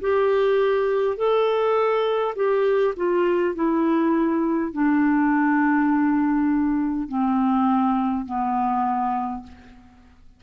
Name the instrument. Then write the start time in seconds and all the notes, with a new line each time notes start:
clarinet
0.00 G4
1.17 A4
2.35 G4
2.96 F4
3.55 E4
4.72 D4
7.08 C4
8.25 B3